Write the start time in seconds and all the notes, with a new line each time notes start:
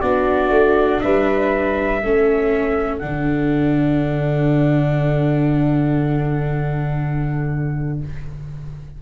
0.00 B3 D4 F#4 D5
0.50 A3
1.01 G3 B4 E5
2.01 A3 C#4 A4
2.98 D3 D4 F#5